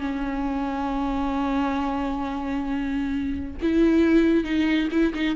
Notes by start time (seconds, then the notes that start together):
0.00 C#4
3.62 E4
4.44 D#4
4.91 E4
5.14 D#4